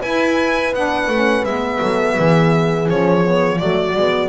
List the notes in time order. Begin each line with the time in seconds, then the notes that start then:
0.00 E4 B4 G#5
0.73 B3 D4 F#5
1.08 A3 C#4
1.44 G#3 B3 E5
1.80 F#3 A4
2.17 E3 G#4
2.89 F3 C#4 C#5
3.24 B3
3.58 F#3 A3 F#4 D5
3.96 G#3 B3